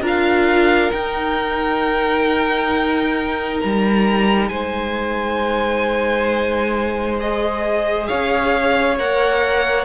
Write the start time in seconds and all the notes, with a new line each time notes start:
0.00 D4 F4 A#4
0.06 F5
0.91 D#4 G5
3.60 G3 A#5
4.48 G#3 C5 G#5
7.19 G#4 D#5
8.07 C#4 C#5 F5
8.99 A#3 A#4 F#5